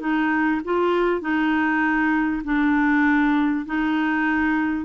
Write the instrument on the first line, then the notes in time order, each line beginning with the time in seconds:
clarinet
0.00 D#4
0.64 F4
1.21 D#4
2.44 D4
3.66 D#4